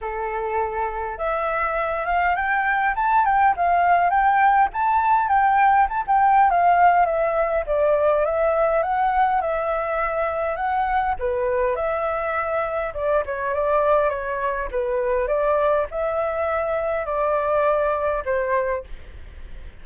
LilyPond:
\new Staff \with { instrumentName = "flute" } { \time 4/4 \tempo 4 = 102 a'2 e''4. f''8 | g''4 a''8 g''8 f''4 g''4 | a''4 g''4 a''16 g''8. f''4 | e''4 d''4 e''4 fis''4 |
e''2 fis''4 b'4 | e''2 d''8 cis''8 d''4 | cis''4 b'4 d''4 e''4~ | e''4 d''2 c''4 | }